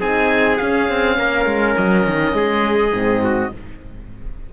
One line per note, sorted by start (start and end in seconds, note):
0.00 0.59 C4
0.00 0.60 D#4
0.00 1.18 G#4
0.00 0.57 G#5
0.57 2.94 C#4
0.57 0.89 C#4
0.57 1.75 F5
0.89 1.19 C4
1.18 1.46 A#3
1.18 2.36 A#4
1.46 1.75 G#3
1.77 2.07 F#3
1.77 3.53 D#5
2.07 2.33 D#3
2.33 2.92 G#3
2.33 3.23 G#4
2.94 3.53 G#2
2.94 3.52 C4
3.23 3.53 F#4